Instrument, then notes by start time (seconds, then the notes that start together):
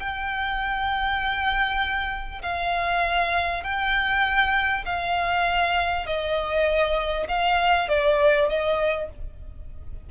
violin
0.00 G5
2.42 F5
3.64 G5
4.86 F5
6.07 D#5
7.29 F5
7.89 D5
8.49 D#5